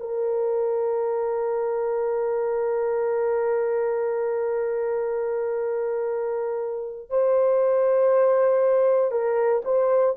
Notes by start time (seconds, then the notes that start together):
0.00 A#4
7.10 C5
9.12 A#4
9.65 C5